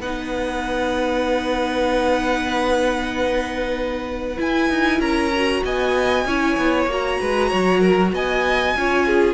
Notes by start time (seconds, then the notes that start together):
0.00 B3 D#4 B4 F#5
4.37 E4 G#5
4.69 D#4
4.99 C#4 A#4 A#5
5.36 F#4
5.64 B3 D#5 G#5
6.25 C#4 E4 C#5
6.57 B3
6.86 A#3 F#4
6.92 A#5
7.20 G#3 B4
7.50 F#3 C#5
7.80 A#4
8.12 B3 D#5 G#5
8.76 C#4 F4 C#5
9.06 G#4